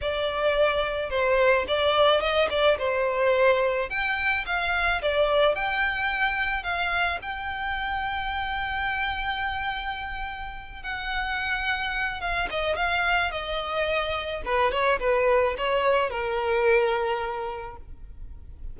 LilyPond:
\new Staff \with { instrumentName = "violin" } { \time 4/4 \tempo 4 = 108 d''2 c''4 d''4 | dis''8 d''8 c''2 g''4 | f''4 d''4 g''2 | f''4 g''2.~ |
g''2.~ g''8 fis''8~ | fis''2 f''8 dis''8 f''4 | dis''2 b'8 cis''8 b'4 | cis''4 ais'2. | }